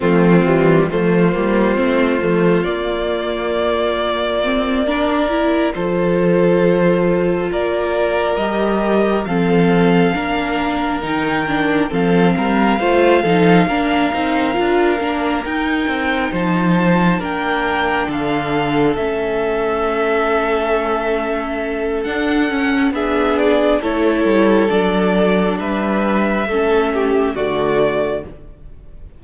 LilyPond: <<
  \new Staff \with { instrumentName = "violin" } { \time 4/4 \tempo 4 = 68 f'4 c''2 d''4~ | d''2~ d''8 c''4.~ | c''8 d''4 dis''4 f''4.~ | f''8 g''4 f''2~ f''8~ |
f''4. g''4 a''4 g''8~ | g''8 f''4 e''2~ e''8~ | e''4 fis''4 e''8 d''8 cis''4 | d''4 e''2 d''4 | }
  \new Staff \with { instrumentName = "violin" } { \time 4/4 c'4 f'2.~ | f'4. ais'4 a'4.~ | a'8 ais'2 a'4 ais'8~ | ais'4. a'8 ais'8 c''8 a'8 ais'8~ |
ais'2~ ais'8 c''4 ais'8~ | ais'8 a'2.~ a'8~ | a'2 gis'4 a'4~ | a'4 b'4 a'8 g'8 fis'4 | }
  \new Staff \with { instrumentName = "viola" } { \time 4/4 a8 g8 a8 ais8 c'8 a8 ais4~ | ais4 c'8 d'8 e'8 f'4.~ | f'4. g'4 c'4 d'8~ | d'8 dis'8 d'8 c'4 f'8 dis'8 d'8 |
dis'8 f'8 d'8 dis'2 d'8~ | d'4. cis'2~ cis'8~ | cis'4 d'8 cis'8 d'4 e'4 | d'2 cis'4 a4 | }
  \new Staff \with { instrumentName = "cello" } { \time 4/4 f8 e8 f8 g8 a8 f8 ais4~ | ais2~ ais8 f4.~ | f8 ais4 g4 f4 ais8~ | ais8 dis4 f8 g8 a8 f8 ais8 |
c'8 d'8 ais8 dis'8 c'8 f4 ais8~ | ais8 d4 a2~ a8~ | a4 d'8 cis'8 b4 a8 g8 | fis4 g4 a4 d4 | }
>>